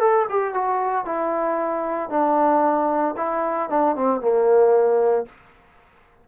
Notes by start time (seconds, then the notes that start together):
0.00 A4
0.29 G4
0.54 F#4
1.05 E4
2.10 D4
3.17 E4
3.70 D4
3.96 C4
4.21 A#3